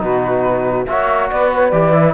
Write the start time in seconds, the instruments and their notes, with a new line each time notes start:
0.00 cello B2, trombone D#4, saxophone F#4, flute B4
0.87 cello A#3, trombone F#4, saxophone C#5, flute E5
1.30 cello B3, saxophone B4, flute D5
1.55 flute C#5
1.71 cello E3, trombone G4, flute D5
1.93 trombone E4